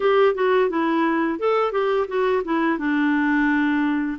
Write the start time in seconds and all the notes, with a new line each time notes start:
0.00 G4
0.34 F#4
0.69 E4
1.39 A4
1.72 G4
2.08 F#4
2.44 E4
2.78 D4